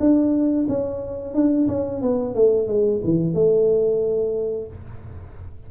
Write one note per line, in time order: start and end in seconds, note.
0.00 0.67 D4
0.68 1.35 C#4
1.35 1.68 D4
1.68 2.02 C#4
2.02 2.35 B3
2.35 2.68 A3
2.68 3.01 G#3
3.04 3.34 E3
3.34 4.68 A3